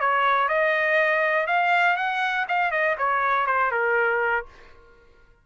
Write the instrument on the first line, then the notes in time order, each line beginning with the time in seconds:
trumpet
0.00 C#5
0.48 D#5
1.47 F5
1.97 F#5
2.48 F5
2.71 D#5
2.98 C#5
3.46 C5
3.71 A#4